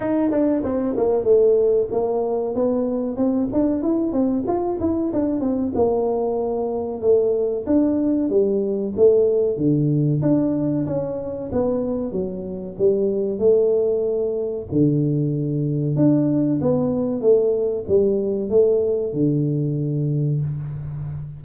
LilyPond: \new Staff \with { instrumentName = "tuba" } { \time 4/4 \tempo 4 = 94 dis'8 d'8 c'8 ais8 a4 ais4 | b4 c'8 d'8 e'8 c'8 f'8 e'8 | d'8 c'8 ais2 a4 | d'4 g4 a4 d4 |
d'4 cis'4 b4 fis4 | g4 a2 d4~ | d4 d'4 b4 a4 | g4 a4 d2 | }